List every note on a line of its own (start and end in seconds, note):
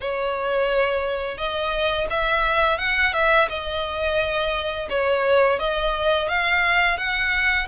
0.01 1.37 C#5
1.37 2.07 D#5
2.09 2.78 E5
2.78 3.13 F#5
3.13 3.48 E5
3.49 4.88 D#5
4.89 5.59 C#5
5.59 6.28 D#5
6.28 6.97 F5
6.97 7.67 F#5